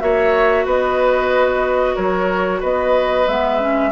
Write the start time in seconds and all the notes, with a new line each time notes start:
0.00 A#3 F#4 C#5 E5
0.65 B3 B4 D#5
1.96 F#3 A#4 C#5
2.61 B3 B4 D#5
3.28 G#3 B3 E5
3.60 C#4